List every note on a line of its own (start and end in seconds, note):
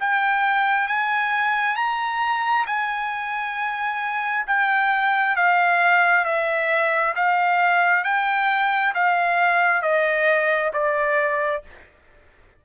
0.00 0.87 G5
0.87 1.76 G#5
1.76 2.65 A#5
2.66 4.45 G#5
4.47 5.36 G5
5.36 6.24 F5
6.24 7.14 E5
7.15 8.04 F5
8.04 8.93 G5
8.94 9.82 F5
9.82 10.71 D#5
10.73 11.63 D5